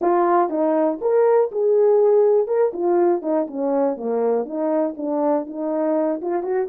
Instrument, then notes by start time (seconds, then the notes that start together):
horn
0.01 F4
0.49 D#4
1.01 A#4
1.51 G#4
2.47 A#4
2.73 F4
3.22 D#4
3.47 C#4
3.96 A#3
4.45 D#4
4.97 D4
5.46 D#4
6.21 F4
6.42 F#4